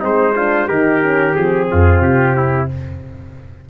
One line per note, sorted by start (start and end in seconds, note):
0.00 0.70 G#3
0.00 0.33 C4
0.00 0.34 D#4
0.00 0.69 C5
0.36 0.69 D4
0.36 0.68 F4
0.68 1.37 D#3
0.68 1.02 D#4
0.68 1.68 G4
0.68 1.35 A#4
1.02 1.33 C#4
1.33 1.71 F3
1.33 2.66 C4
1.33 2.02 G#4
1.71 2.01 F2
1.71 2.37 F4
2.01 2.68 C3
2.01 2.69 G4
2.37 2.70 E4